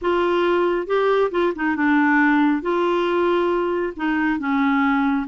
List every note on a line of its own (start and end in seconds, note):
0.01 0.87 F4
0.87 1.30 G4
1.31 1.53 F4
1.55 1.76 D#4
1.76 2.62 D4
2.62 3.93 F4
3.96 4.39 D#4
4.39 5.26 C#4